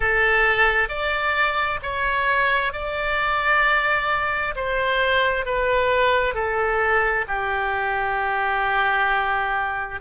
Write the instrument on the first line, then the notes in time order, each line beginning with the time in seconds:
oboe
0.00 A4
0.88 D5
1.82 C#5
2.73 D5
4.55 C5
5.45 B4
6.34 A4
7.27 G4